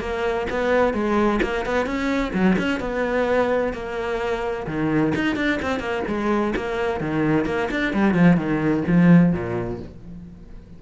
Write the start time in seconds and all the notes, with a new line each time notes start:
0.00 A#3
0.50 B3
0.93 G#3
1.42 A#3
1.66 B3
1.86 C#4
2.34 F#3
2.58 C#4
2.80 B3
3.73 A#3
4.67 D#3
5.15 D#4
5.36 D4
5.62 C4
5.80 A#3
6.07 G#3
6.56 A#3
7.00 D#3
7.46 A#3
7.71 D4
7.93 G3
8.14 F3
8.37 D#3
8.87 F3
9.33 A#2